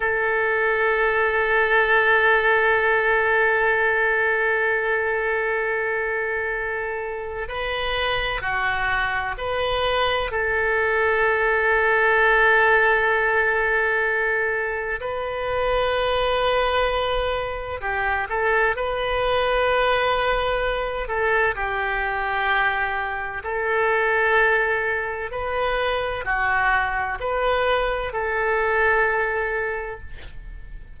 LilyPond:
\new Staff \with { instrumentName = "oboe" } { \time 4/4 \tempo 4 = 64 a'1~ | a'1 | b'4 fis'4 b'4 a'4~ | a'1 |
b'2. g'8 a'8 | b'2~ b'8 a'8 g'4~ | g'4 a'2 b'4 | fis'4 b'4 a'2 | }